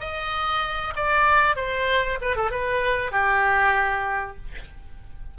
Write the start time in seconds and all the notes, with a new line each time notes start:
0.00 D#5
0.96 D5
1.56 C5
2.21 B4
2.36 A4
2.51 B4
3.12 G4